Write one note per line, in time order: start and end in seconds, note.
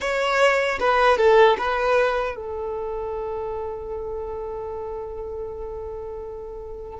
0.00 0.78 C#5
0.79 1.17 B4
1.17 1.56 A4
1.58 2.36 B4
2.36 7.00 A4